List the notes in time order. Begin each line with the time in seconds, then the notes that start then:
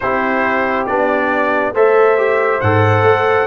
0.00 C4 E4 G4 C5
0.86 B3 D4 D5
1.73 A3 A4 C5 E5
2.17 G4
2.60 G#2 A4 F#5
3.02 A3